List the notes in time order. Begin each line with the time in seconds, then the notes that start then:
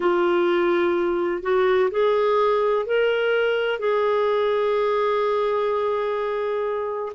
0.00 F4
1.42 F#4
1.90 G#4
2.86 A#4
3.79 G#4